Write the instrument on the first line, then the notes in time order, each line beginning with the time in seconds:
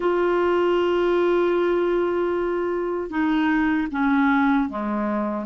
clarinet
0.00 F4
3.10 D#4
3.91 C#4
4.69 G#3